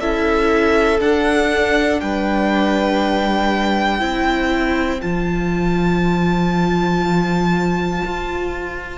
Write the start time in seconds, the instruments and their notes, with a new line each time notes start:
0.00 cello C#4, viola E4, violin A4 E5
0.99 viola D4, cello D4, violin F#5
2.00 cello G3, violin B4 G5
3.99 cello C4, viola E4, violin C5
5.01 cello F3, viola F4, violin A5
8.04 cello F4